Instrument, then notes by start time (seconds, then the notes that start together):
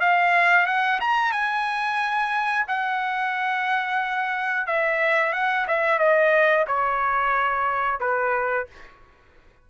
trumpet
0.00 F5
0.66 F#5
1.01 A#5
1.32 G#5
2.68 F#5
4.67 E5
5.33 F#5
5.68 E5
5.99 D#5
6.67 C#5
8.00 B4